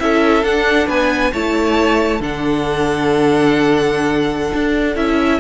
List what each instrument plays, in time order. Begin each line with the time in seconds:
0.00 cello C#4, viola E4, violin A4 E5
0.43 viola D4, cello D4, violin F#5
0.87 cello B3, violin B4 G#5
1.32 cello A3, viola E4, violin C#5 A5
2.20 cello D3, viola D4, violin A4 F#5
4.54 cello D4
4.96 cello C#4, viola E4, violin E5